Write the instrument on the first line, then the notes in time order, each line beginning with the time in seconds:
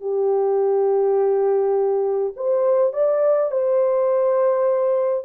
horn
0.00 G4
2.36 C5
2.93 D5
3.51 C5